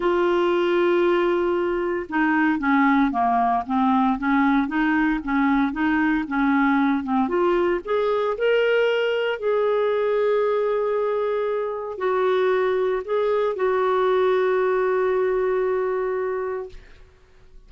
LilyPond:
\new Staff \with { instrumentName = "clarinet" } { \time 4/4 \tempo 4 = 115 f'1 | dis'4 cis'4 ais4 c'4 | cis'4 dis'4 cis'4 dis'4 | cis'4. c'8 f'4 gis'4 |
ais'2 gis'2~ | gis'2. fis'4~ | fis'4 gis'4 fis'2~ | fis'1 | }